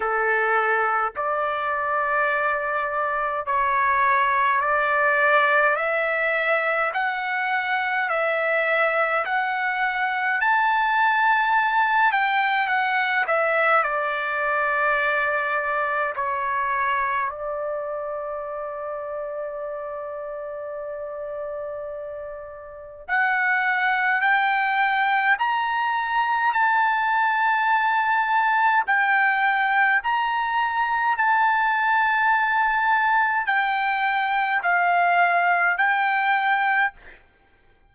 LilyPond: \new Staff \with { instrumentName = "trumpet" } { \time 4/4 \tempo 4 = 52 a'4 d''2 cis''4 | d''4 e''4 fis''4 e''4 | fis''4 a''4. g''8 fis''8 e''8 | d''2 cis''4 d''4~ |
d''1 | fis''4 g''4 ais''4 a''4~ | a''4 g''4 ais''4 a''4~ | a''4 g''4 f''4 g''4 | }